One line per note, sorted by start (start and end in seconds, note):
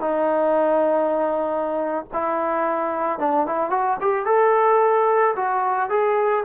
0.00 2.05 D#4
2.13 3.19 E4
3.19 3.46 D4
3.46 3.69 E4
3.69 3.97 F#4
4.00 4.25 G4
4.25 5.34 A4
5.36 5.89 F#4
5.89 6.44 G#4